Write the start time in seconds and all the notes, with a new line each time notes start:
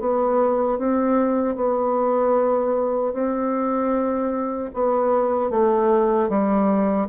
0.00 B3
0.78 C4
1.56 B3
3.13 C4
4.74 B3
5.50 A3
6.29 G3